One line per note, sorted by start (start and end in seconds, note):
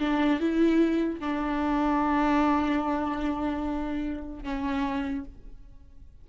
0.00 0.41 D4
0.41 1.20 E4
1.20 4.44 D4
4.44 5.25 C#4